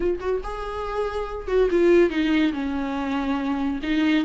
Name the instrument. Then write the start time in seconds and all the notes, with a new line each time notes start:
viola
0.00 F4
0.20 F#4
0.43 G#4
1.47 F#4
1.70 F4
2.10 D#4
2.53 C#4
3.82 D#4